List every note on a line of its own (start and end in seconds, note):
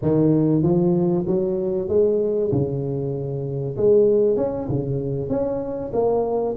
0.02 0.62 D#3
0.62 1.25 F3
1.27 1.88 F#3
1.88 2.50 G#3
2.51 3.76 C#3
3.76 4.36 G#3
4.36 4.67 C#4
4.68 5.29 C#3
5.29 5.91 C#4
5.93 6.55 A#3